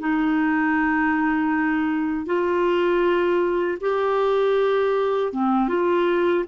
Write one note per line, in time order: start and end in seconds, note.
0.00 2.26 D#4
2.26 3.78 F4
3.81 5.33 G4
5.33 5.69 C4
5.69 6.45 F4